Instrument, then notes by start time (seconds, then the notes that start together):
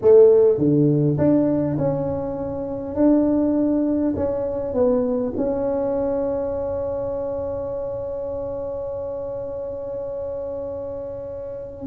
tuba
0.01 A3
0.58 D3
1.17 D4
1.77 C#4
2.95 D4
4.16 C#4
4.73 B3
5.37 C#4